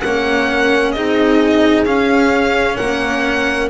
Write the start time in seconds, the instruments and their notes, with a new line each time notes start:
0.00 double bass A#3, cello C#4, horn A#4, violin F#5
0.91 double bass C4, cello D#4, horn G#4, violin D#5
1.85 double bass C#4, cello C#4, violin F5
2.76 double bass A#3, horn A#4, violin F#5